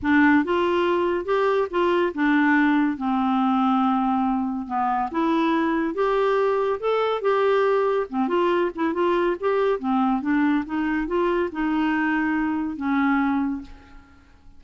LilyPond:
\new Staff \with { instrumentName = "clarinet" } { \time 4/4 \tempo 4 = 141 d'4 f'2 g'4 | f'4 d'2 c'4~ | c'2. b4 | e'2 g'2 |
a'4 g'2 c'8 f'8~ | f'8 e'8 f'4 g'4 c'4 | d'4 dis'4 f'4 dis'4~ | dis'2 cis'2 | }